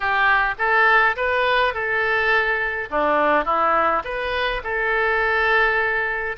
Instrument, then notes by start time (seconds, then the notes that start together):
oboe
0.00 G4
0.58 A4
1.16 B4
1.73 A4
2.90 D4
3.45 E4
4.04 B4
4.63 A4